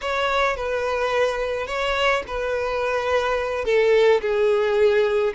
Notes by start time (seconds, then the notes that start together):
0.01 C#5
0.56 B4
1.66 C#5
2.27 B4
3.64 A4
4.21 G#4